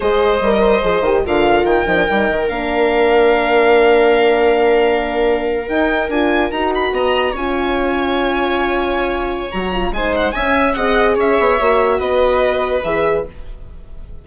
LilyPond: <<
  \new Staff \with { instrumentName = "violin" } { \time 4/4 \tempo 4 = 145 dis''2. f''4 | g''2 f''2~ | f''1~ | f''4.~ f''16 g''4 gis''4 ais''16~ |
ais''16 b''8 ais''4 gis''2~ gis''16~ | gis''2. ais''4 | gis''8 fis''8 gis''4 fis''4 e''4~ | e''4 dis''2 e''4 | }
  \new Staff \with { instrumentName = "viola" } { \time 4/4 c''4~ c''16 ais'16 c''4. ais'4~ | ais'1~ | ais'1~ | ais'1~ |
ais'8. dis''4 cis''2~ cis''16~ | cis''1 | c''4 e''4 dis''4 cis''4~ | cis''4 b'2. | }
  \new Staff \with { instrumentName = "horn" } { \time 4/4 gis'4 ais'4 gis'8 g'8 f'4~ | f'8 dis'16 d'16 dis'4 d'2~ | d'1~ | d'4.~ d'16 dis'4 f'4 fis'16~ |
fis'4.~ fis'16 f'2~ f'16~ | f'2. fis'8 f'8 | dis'4 cis'4 gis'2 | fis'2. gis'4 | }
  \new Staff \with { instrumentName = "bassoon" } { \time 4/4 gis4 g4 f8 dis8 d4 | dis8 f8 g8 dis8 ais2~ | ais1~ | ais4.~ ais16 dis'4 d'4 dis'16~ |
dis'8. b4 cis'2~ cis'16~ | cis'2. fis4 | gis4 cis'4 c'4 cis'8 b8 | ais4 b2 e4 | }
>>